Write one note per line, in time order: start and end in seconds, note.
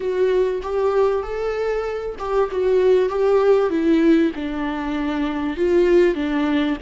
0.00 0.61 F#4
0.62 1.22 G4
1.22 2.15 A4
2.18 2.49 G4
2.51 3.09 F#4
3.09 3.69 G4
3.69 4.31 E4
4.35 5.56 D4
5.56 6.14 F4
6.14 6.76 D4